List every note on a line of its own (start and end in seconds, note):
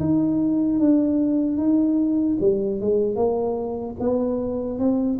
0.00 0.80 D#4
0.80 1.58 D4
1.58 2.38 D#4
2.41 2.81 G3
2.81 3.16 G#3
3.16 3.96 A#3
4.00 4.79 B3
4.79 5.19 C4